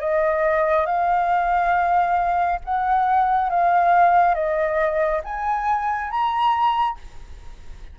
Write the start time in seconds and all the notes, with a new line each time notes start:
0.00 D#5
0.86 F5
2.64 F#5
3.49 F5
4.34 D#5
5.24 G#5
6.10 A#5